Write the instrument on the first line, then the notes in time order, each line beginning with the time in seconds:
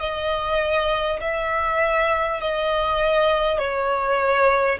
violin
0.00 D#5
1.21 E5
2.41 D#5
3.58 C#5